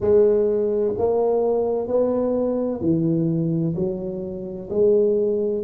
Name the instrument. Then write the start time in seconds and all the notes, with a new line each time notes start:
tuba
0.00 G#3
0.98 A#3
1.87 B3
2.80 E3
3.75 F#3
4.70 G#3